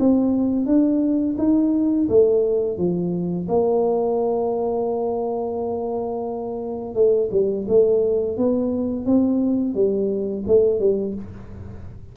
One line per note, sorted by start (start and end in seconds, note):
0.00 0.67 C4
0.67 1.36 D4
1.39 2.08 D#4
2.09 2.78 A3
2.78 3.48 F3
3.49 6.95 A#3
6.95 7.30 A3
7.32 7.66 G3
7.68 8.38 A3
8.38 9.06 B3
9.06 9.75 C4
9.75 10.44 G3
10.47 10.80 A3
10.80 11.15 G3